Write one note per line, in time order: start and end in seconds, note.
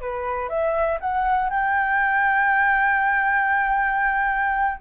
0.00 0.48 B4
0.48 0.98 E5
1.00 1.49 F#5
1.49 4.80 G5